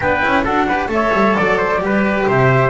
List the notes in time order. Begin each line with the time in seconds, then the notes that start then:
0.00 B3 D4 B4 G5
0.21 C#4 E4
0.44 D4 F#4 A4 F#5
0.68 G4 B4
0.88 A3 A4 E5
0.94 C#5
1.13 G3
1.34 F#3 D5
1.57 C5
1.79 G3 G4 B4
2.27 C3 C5 E5